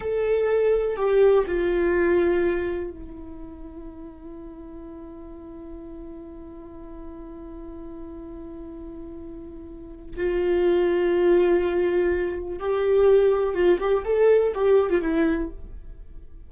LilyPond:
\new Staff \with { instrumentName = "viola" } { \time 4/4 \tempo 4 = 124 a'2 g'4 f'4~ | f'2 e'2~ | e'1~ | e'1~ |
e'1~ | e'4 f'2.~ | f'2 g'2 | f'8 g'8 a'4 g'8. f'16 e'4 | }